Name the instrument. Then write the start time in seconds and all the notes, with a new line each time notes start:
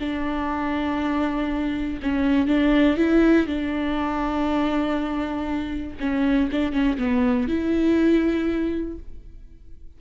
viola
0.00 D4
2.03 C#4
2.48 D4
2.98 E4
3.47 D4
6.00 C#4
6.52 D4
6.73 C#4
6.98 B3
7.48 E4